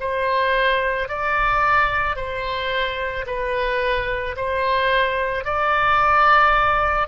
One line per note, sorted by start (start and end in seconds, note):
0.00 1.09 C5
1.09 2.16 D5
2.16 3.25 C5
3.27 4.36 B4
4.36 5.44 C5
5.44 7.08 D5